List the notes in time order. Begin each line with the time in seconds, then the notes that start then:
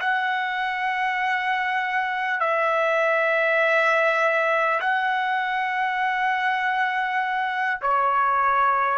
0.00 F#5
2.40 E5
4.81 F#5
7.81 C#5